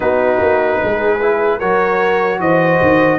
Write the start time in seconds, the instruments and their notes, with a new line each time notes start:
0.00 tuba B3, trombone D#4, horn F#4, trumpet B4
0.40 tuba A#3
0.80 tuba G#3, horn G#4
1.22 trombone E4
1.58 tuba F#3, trombone F#4, horn A#4, trumpet C#5
2.39 tuba E3, horn C5, trumpet D#5
2.81 tuba D#3